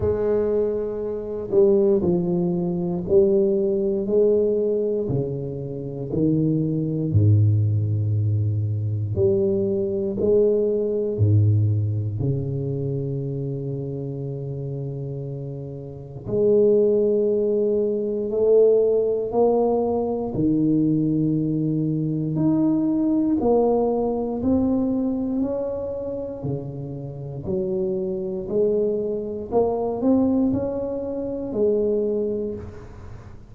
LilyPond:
\new Staff \with { instrumentName = "tuba" } { \time 4/4 \tempo 4 = 59 gis4. g8 f4 g4 | gis4 cis4 dis4 gis,4~ | gis,4 g4 gis4 gis,4 | cis1 |
gis2 a4 ais4 | dis2 dis'4 ais4 | c'4 cis'4 cis4 fis4 | gis4 ais8 c'8 cis'4 gis4 | }